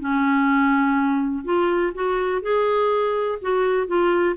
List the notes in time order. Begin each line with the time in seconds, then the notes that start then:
0.00 C#4
1.45 F4
1.94 F#4
2.42 G#4
3.42 F#4
3.87 F4